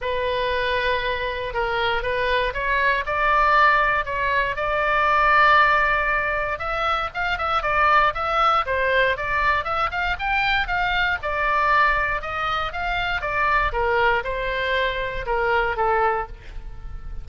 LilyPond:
\new Staff \with { instrumentName = "oboe" } { \time 4/4 \tempo 4 = 118 b'2. ais'4 | b'4 cis''4 d''2 | cis''4 d''2.~ | d''4 e''4 f''8 e''8 d''4 |
e''4 c''4 d''4 e''8 f''8 | g''4 f''4 d''2 | dis''4 f''4 d''4 ais'4 | c''2 ais'4 a'4 | }